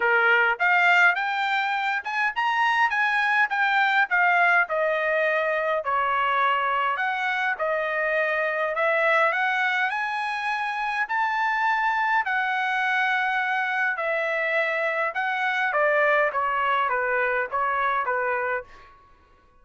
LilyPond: \new Staff \with { instrumentName = "trumpet" } { \time 4/4 \tempo 4 = 103 ais'4 f''4 g''4. gis''8 | ais''4 gis''4 g''4 f''4 | dis''2 cis''2 | fis''4 dis''2 e''4 |
fis''4 gis''2 a''4~ | a''4 fis''2. | e''2 fis''4 d''4 | cis''4 b'4 cis''4 b'4 | }